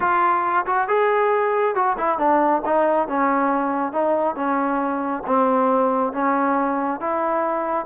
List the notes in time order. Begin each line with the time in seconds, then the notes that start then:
0.00 F4
0.66 F#4
0.88 G#4
1.75 F#4
1.97 E4
2.18 D4
2.65 D#4
3.08 C#4
3.92 D#4
4.35 C#4
5.26 C4
6.12 C#4
7.00 E4